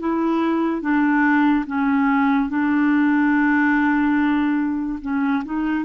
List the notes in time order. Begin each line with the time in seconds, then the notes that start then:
0.00 E4
0.82 D4
1.67 C#4
2.50 D4
5.02 C#4
5.45 D#4